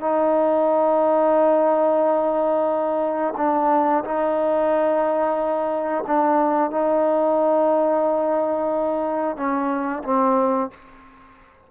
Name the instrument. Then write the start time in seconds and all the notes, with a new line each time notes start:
trombone
0.00 D#4
3.37 D4
4.04 D#4
6.07 D4
6.70 D#4
9.36 C#4
10.04 C4